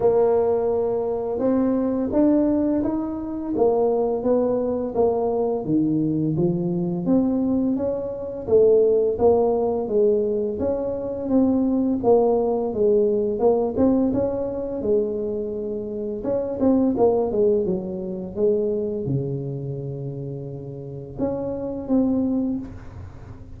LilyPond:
\new Staff \with { instrumentName = "tuba" } { \time 4/4 \tempo 4 = 85 ais2 c'4 d'4 | dis'4 ais4 b4 ais4 | dis4 f4 c'4 cis'4 | a4 ais4 gis4 cis'4 |
c'4 ais4 gis4 ais8 c'8 | cis'4 gis2 cis'8 c'8 | ais8 gis8 fis4 gis4 cis4~ | cis2 cis'4 c'4 | }